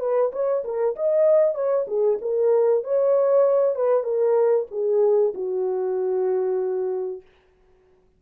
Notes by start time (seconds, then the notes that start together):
0.00 B4
0.32 C#5
0.64 A#4
0.96 D#5
1.55 C#5
1.87 G#4
2.21 A#4
2.84 C#5
3.76 B4
4.03 A#4
4.71 G#4
5.34 F#4